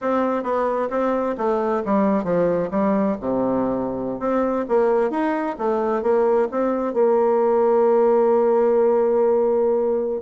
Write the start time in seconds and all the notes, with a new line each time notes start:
0.01 C4
0.43 B3
0.90 C4
1.37 A3
1.85 G3
2.24 F3
2.70 G3
3.20 C3
4.19 C4
4.68 A#3
5.10 D#4
5.58 A3
6.02 A#3
6.51 C4
6.93 A#3